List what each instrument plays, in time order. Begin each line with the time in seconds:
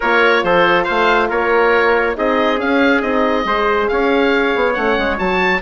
0.00 bassoon A#3, horn F4, trumpet A#4, oboe C#5
0.43 bassoon F3, trumpet A4, oboe C5
0.83 trumpet C5, oboe F5
0.89 bassoon A3
1.29 bassoon A#3, trumpet A#4, oboe C#5
2.15 bassoon C4, horn D#4, trumpet G#4, oboe D#5
2.57 horn C#4, bassoon C#4, oboe F5
3.01 bassoon C4, horn D#4, oboe D#5
3.45 bassoon G#3, horn G#4, trumpet C5
3.87 bassoon C#4, trumpet C#5, oboe F5
4.55 bassoon B3
4.73 bassoon A3, horn C#4, oboe F#5
4.97 bassoon G#3
5.17 bassoon F#3, horn F#4, oboe A5